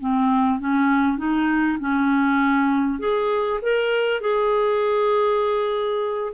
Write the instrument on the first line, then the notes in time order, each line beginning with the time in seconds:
clarinet
0.00 C4
0.60 C#4
1.18 D#4
1.80 C#4
2.99 G#4
3.62 A#4
4.21 G#4